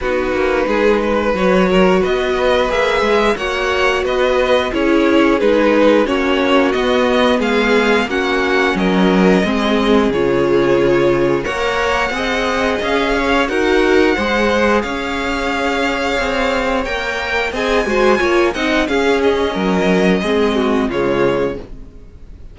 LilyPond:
<<
  \new Staff \with { instrumentName = "violin" } { \time 4/4 \tempo 4 = 89 b'2 cis''4 dis''4 | e''4 fis''4 dis''4 cis''4 | b'4 cis''4 dis''4 f''4 | fis''4 dis''2 cis''4~ |
cis''4 fis''2 f''4 | fis''2 f''2~ | f''4 g''4 gis''4. fis''8 | f''8 dis''2~ dis''8 cis''4 | }
  \new Staff \with { instrumentName = "violin" } { \time 4/4 fis'4 gis'8 b'4 ais'8 b'4~ | b'4 cis''4 b'4 gis'4~ | gis'4 fis'2 gis'4 | fis'4 ais'4 gis'2~ |
gis'4 cis''4 dis''4. cis''8 | ais'4 c''4 cis''2~ | cis''2 dis''8 c''8 cis''8 dis''8 | gis'4 ais'4 gis'8 fis'8 f'4 | }
  \new Staff \with { instrumentName = "viola" } { \time 4/4 dis'2 fis'2 | gis'4 fis'2 e'4 | dis'4 cis'4 b2 | cis'2 c'4 f'4~ |
f'4 ais'4 gis'2 | fis'4 gis'2.~ | gis'4 ais'4 gis'8 fis'8 f'8 dis'8 | cis'2 c'4 gis4 | }
  \new Staff \with { instrumentName = "cello" } { \time 4/4 b8 ais8 gis4 fis4 b4 | ais8 gis8 ais4 b4 cis'4 | gis4 ais4 b4 gis4 | ais4 fis4 gis4 cis4~ |
cis4 ais4 c'4 cis'4 | dis'4 gis4 cis'2 | c'4 ais4 c'8 gis8 ais8 c'8 | cis'4 fis4 gis4 cis4 | }
>>